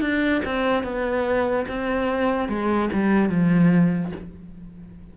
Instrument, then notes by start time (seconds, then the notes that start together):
cello
0.00 D4
0.44 C4
0.83 B3
1.68 C4
2.48 G#3
2.93 G3
3.29 F3